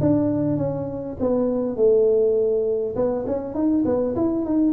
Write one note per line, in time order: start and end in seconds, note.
0.00 0.57 D4
0.57 1.16 C#4
1.20 1.76 B3
1.76 2.95 A3
2.95 3.25 B3
3.26 3.54 C#4
3.54 3.84 D#4
3.85 4.14 B3
4.15 4.45 E4
4.45 4.72 D#4